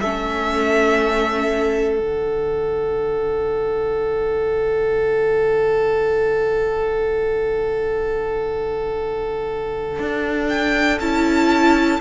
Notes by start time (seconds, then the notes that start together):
0.00 A3 C#4 A4 E5
1.96 D3 D4 F#5
9.99 D4
10.49 G5
11.00 C#4 E4 A5